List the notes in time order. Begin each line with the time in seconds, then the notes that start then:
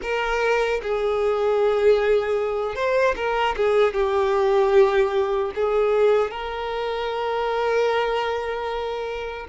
0.02 A#4
0.82 G#4
2.75 C5
3.15 A#4
3.56 G#4
3.93 G4
5.55 G#4
6.31 A#4